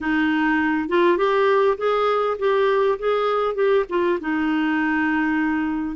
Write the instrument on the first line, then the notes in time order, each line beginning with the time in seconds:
clarinet
0.01 D#4
0.88 F4
1.17 G4
1.77 G#4
2.38 G4
2.98 G#4
3.55 G4
3.89 F4
4.20 D#4